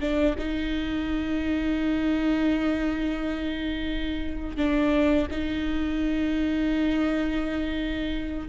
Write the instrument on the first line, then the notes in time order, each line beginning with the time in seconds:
viola
0.00 D4
0.38 D#4
4.57 D4
5.31 D#4